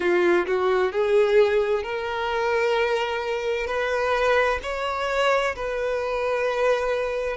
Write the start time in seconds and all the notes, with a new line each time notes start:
0.00 F4
0.46 F#4
0.92 G#4
1.83 A#4
3.66 B4
4.62 C#5
5.55 B4